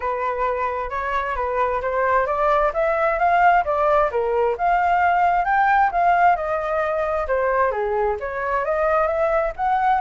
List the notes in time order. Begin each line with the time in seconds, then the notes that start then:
0.00 B4
0.90 C#5
1.35 B4
1.81 C5
2.26 D5
2.73 E5
3.18 F5
3.64 D5
4.11 A#4
4.57 F5
5.44 G5
5.91 F5
6.36 D#5
7.27 C5
7.71 G#4
8.19 C#5
8.64 D#5
9.07 E5
9.56 F#5